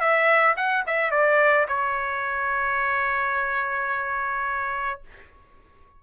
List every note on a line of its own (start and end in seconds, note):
0.00 0.56 E5
0.57 0.84 F#5
0.87 1.11 E5
1.11 1.67 D5
1.68 5.02 C#5